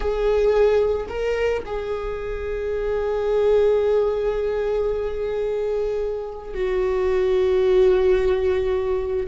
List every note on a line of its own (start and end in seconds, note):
0.00 1.07 G#4
1.08 1.63 A#4
1.65 6.54 G#4
6.54 9.26 F#4